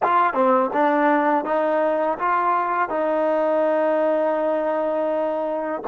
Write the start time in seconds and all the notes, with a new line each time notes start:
0.02 F4
0.33 C4
0.73 D4
1.45 D#4
2.18 F4
2.89 D#4